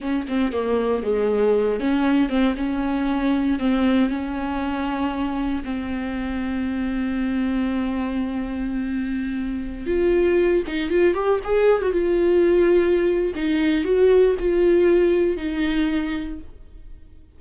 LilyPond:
\new Staff \with { instrumentName = "viola" } { \time 4/4 \tempo 4 = 117 cis'8 c'8 ais4 gis4. cis'8~ | cis'8 c'8 cis'2 c'4 | cis'2. c'4~ | c'1~ |
c'2.~ c'16 f'8.~ | f'8. dis'8 f'8 g'8 gis'8. fis'16 f'8.~ | f'2 dis'4 fis'4 | f'2 dis'2 | }